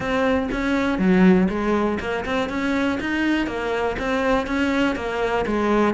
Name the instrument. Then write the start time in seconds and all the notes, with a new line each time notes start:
cello
0.00 C4
0.51 C#4
0.98 F#3
1.49 G#3
1.99 A#3
2.25 C4
2.49 C#4
3.00 D#4
3.46 A#3
3.98 C4
4.47 C#4
4.95 A#3
5.46 G#3